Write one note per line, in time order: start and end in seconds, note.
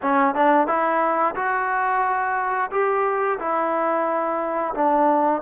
0.02 0.34 C#4
0.34 0.67 D4
0.67 1.35 E4
1.35 2.70 F#4
2.71 3.38 G4
3.39 4.74 E4
4.74 5.41 D4